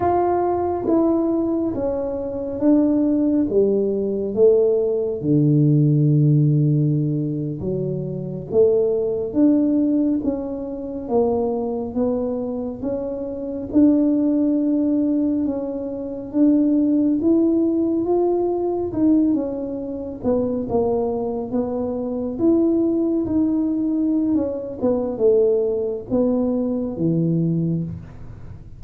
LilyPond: \new Staff \with { instrumentName = "tuba" } { \time 4/4 \tempo 4 = 69 f'4 e'4 cis'4 d'4 | g4 a4 d2~ | d8. fis4 a4 d'4 cis'16~ | cis'8. ais4 b4 cis'4 d'16~ |
d'4.~ d'16 cis'4 d'4 e'16~ | e'8. f'4 dis'8 cis'4 b8 ais16~ | ais8. b4 e'4 dis'4~ dis'16 | cis'8 b8 a4 b4 e4 | }